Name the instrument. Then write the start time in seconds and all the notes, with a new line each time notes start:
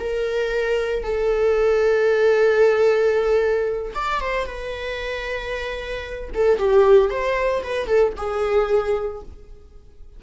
viola
0.00 A#4
1.04 A4
3.95 D5
4.21 C5
4.47 B4
6.35 A4
6.59 G4
7.11 C5
7.63 B4
7.87 A4
8.17 G#4